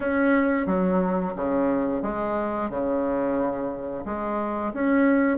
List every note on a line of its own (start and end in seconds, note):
0.00 0.66 C#4
0.66 1.33 F#3
1.35 2.02 C#3
2.02 2.70 G#3
2.70 4.04 C#3
4.05 4.72 G#3
4.73 5.37 C#4